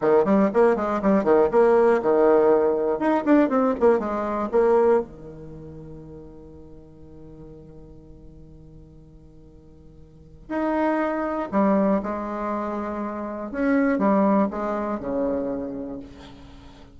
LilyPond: \new Staff \with { instrumentName = "bassoon" } { \time 4/4 \tempo 4 = 120 dis8 g8 ais8 gis8 g8 dis8 ais4 | dis2 dis'8 d'8 c'8 ais8 | gis4 ais4 dis2~ | dis1~ |
dis1~ | dis4 dis'2 g4 | gis2. cis'4 | g4 gis4 cis2 | }